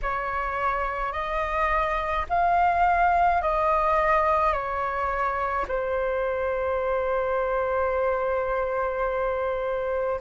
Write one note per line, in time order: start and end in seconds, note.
0.02 1.12 C#5
1.12 2.25 D#5
2.29 3.41 F5
3.41 4.52 D#5
4.52 5.66 C#5
5.68 10.20 C5